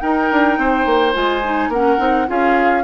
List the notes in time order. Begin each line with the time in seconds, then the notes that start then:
0.00 D#4 A#4 G5
0.32 D4
0.58 C4 C5
0.86 A#3
1.13 G#3 F4 G#5
1.44 D#4
1.69 A#3 C#4 A#4 F#5
1.98 C4 D#4
2.27 C#4 F4 G#4 F5